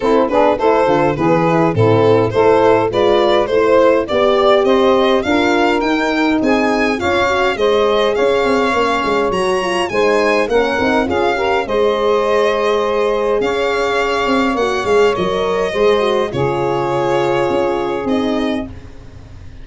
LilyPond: <<
  \new Staff \with { instrumentName = "violin" } { \time 4/4 \tempo 4 = 103 a'8 b'8 c''4 b'4 a'4 | c''4 d''4 c''4 d''4 | dis''4 f''4 g''4 gis''4 | f''4 dis''4 f''2 |
ais''4 gis''4 fis''4 f''4 | dis''2. f''4~ | f''4 fis''8 f''8 dis''2 | cis''2. dis''4 | }
  \new Staff \with { instrumentName = "saxophone" } { \time 4/4 e'8 gis'8 a'4 gis'4 e'4 | a'4 b'4 c''4 d''4 | c''4 ais'2 gis'4 | cis''4 c''4 cis''2~ |
cis''4 c''4 ais'4 gis'8 ais'8 | c''2. cis''4~ | cis''2. c''4 | gis'1 | }
  \new Staff \with { instrumentName = "horn" } { \time 4/4 c'8 d'8 e'8 f'8 b8 e'8 c'4 | e'4 f'4 e'4 g'4~ | g'4 f'4 dis'2 | f'8 fis'8 gis'2 cis'4 |
fis'8 f'8 dis'4 cis'8 dis'8 f'8 g'8 | gis'1~ | gis'4 fis'8 gis'8 ais'4 gis'8 fis'8 | f'2. dis'4 | }
  \new Staff \with { instrumentName = "tuba" } { \time 4/4 c'8 b8 a8 d8 e4 a,4 | a4 gis4 a4 b4 | c'4 d'4 dis'4 c'4 | cis'4 gis4 cis'8 c'8 ais8 gis8 |
fis4 gis4 ais8 c'8 cis'4 | gis2. cis'4~ | cis'8 c'8 ais8 gis8 fis4 gis4 | cis2 cis'4 c'4 | }
>>